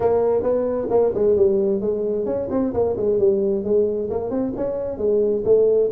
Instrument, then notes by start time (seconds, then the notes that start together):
tuba
0.00 A#3
0.42 B3
0.90 A#3
1.14 G#3
1.36 G3
1.81 G#3
2.25 C#4
2.50 C4
2.73 A#3
2.96 G#3
3.18 G3
3.64 G#3
4.10 A#3
4.30 C4
4.56 C#4
4.97 G#3
5.44 A3